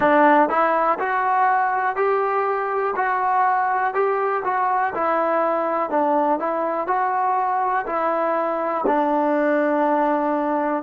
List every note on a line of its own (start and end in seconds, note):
0.00 0.49 D4
0.49 0.98 E4
0.99 1.96 F#4
1.96 2.94 G4
2.96 3.93 F#4
3.93 4.43 G4
4.44 4.93 F#4
4.94 5.90 E4
5.90 6.39 D4
6.39 6.87 E4
6.87 7.85 F#4
7.86 8.84 E4
8.87 10.83 D4